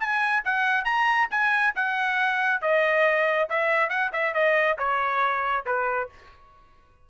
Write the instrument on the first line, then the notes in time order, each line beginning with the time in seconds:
trumpet
0.00 G#5
0.45 F#5
0.85 A#5
1.31 G#5
1.75 F#5
2.62 D#5
3.50 E5
3.90 F#5
4.13 E5
4.34 D#5
4.78 C#5
5.66 B4